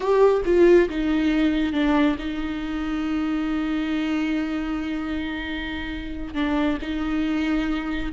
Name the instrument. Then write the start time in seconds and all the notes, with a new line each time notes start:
viola
0.00 G4
0.45 F4
0.89 D#4
1.72 D4
2.19 D#4
6.34 D4
6.81 D#4